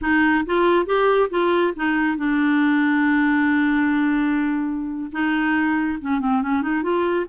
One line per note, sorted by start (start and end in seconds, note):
0.01 0.44 D#4
0.46 0.86 F4
0.86 1.29 G4
1.30 1.73 F4
1.75 2.17 D#4
2.17 5.10 D4
5.11 5.98 D#4
6.01 6.20 C#4
6.20 6.42 C4
6.42 6.62 C#4
6.62 6.82 D#4
6.82 7.26 F4